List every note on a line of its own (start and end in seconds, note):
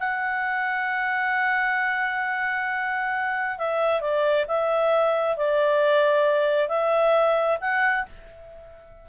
0.00 3.58 F#5
3.58 4.01 E5
4.01 4.46 D5
4.48 5.37 E5
5.37 6.69 D5
6.69 7.58 E5
7.61 8.06 F#5